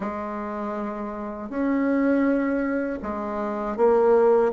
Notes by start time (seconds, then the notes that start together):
0.00 G#3
1.49 C#4
3.02 G#3
3.76 A#3